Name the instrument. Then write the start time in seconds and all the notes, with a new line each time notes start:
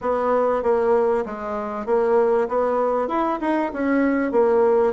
bassoon
0.01 B3
0.62 A#3
1.25 G#3
1.86 A#3
2.48 B3
3.08 E4
3.40 D#4
3.73 C#4
4.31 A#3